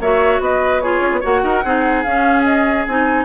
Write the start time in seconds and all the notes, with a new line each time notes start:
0.00 A#3 F#4 C#5 E5
0.40 B3 B4 D#5
0.81 F4 G#4 C#5
1.01 C#4
1.12 B3
1.21 A#3 F#4 C#5 F#5
1.44 D#4 A#4
1.64 C4 D#4 G#4
2.03 C#4 F5
2.45 D#5
2.86 C4 D#4 G#5